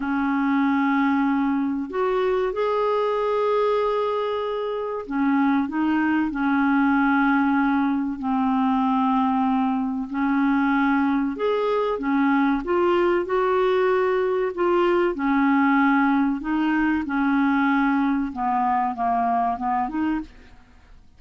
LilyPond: \new Staff \with { instrumentName = "clarinet" } { \time 4/4 \tempo 4 = 95 cis'2. fis'4 | gis'1 | cis'4 dis'4 cis'2~ | cis'4 c'2. |
cis'2 gis'4 cis'4 | f'4 fis'2 f'4 | cis'2 dis'4 cis'4~ | cis'4 b4 ais4 b8 dis'8 | }